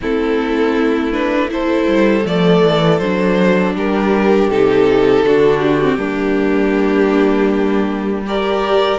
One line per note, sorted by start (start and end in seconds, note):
0.01 1.87 A3
0.01 1.12 C4
0.01 1.51 E4
0.01 1.12 A4
1.12 1.49 D4
1.12 1.50 B4
1.49 2.24 E4
1.49 3.75 A4
1.49 2.26 C5
1.87 2.24 G3
2.25 2.62 F3
2.25 3.00 A3
2.25 2.98 D5
2.62 3.00 E3
2.98 3.75 F#3
2.98 4.51 D4
2.98 3.73 C5
3.75 4.48 G3
3.75 5.25 G4
3.75 4.50 A#4
4.48 5.23 C3
4.48 5.25 D#4
4.48 5.59 A4
5.24 5.97 D3
5.24 5.82 D4
5.24 5.98 F#4
5.59 8.21 G4
5.82 5.98 C4
5.97 8.97 G3
5.97 8.23 A#3
5.97 8.23 D4
8.26 8.99 G4
8.26 8.99 A#4
8.26 8.99 D5